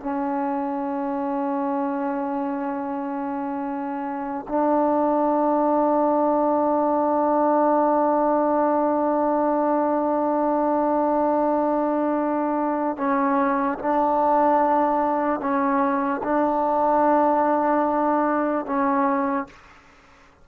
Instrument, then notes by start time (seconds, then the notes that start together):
trombone
0.00 C#4
4.48 D4
12.97 C#4
13.79 D4
15.40 C#4
16.23 D4
18.66 C#4